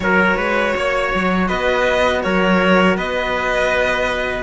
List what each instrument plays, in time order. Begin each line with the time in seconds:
0.00 cello F#3 F#4, trumpet A#4, violin C#5
0.37 cello G#3, trumpet B4
0.76 cello A#3, trumpet C#5
1.15 cello F#3
1.47 cello B3, trumpet B4, violin D#5
2.22 cello F#3, trumpet A#4, violin C#5
2.96 cello B3, trumpet B4, violin D#5